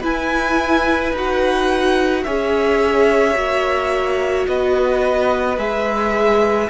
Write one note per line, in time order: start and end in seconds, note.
0.00 1.12 E4
0.00 1.13 E4
0.00 2.22 B4
0.00 1.15 G#5
1.12 2.23 D#4
1.12 2.26 F#4
1.12 2.23 F#5
2.23 3.35 C#4
2.23 3.34 G#4
2.23 4.47 C#5
2.23 4.46 E5
3.34 4.46 A#3
3.34 5.56 F#4
4.47 5.57 B3
4.47 6.70 B4
4.47 5.58 D#5
5.57 6.69 G#3
5.57 6.69 G#4
5.57 6.69 E5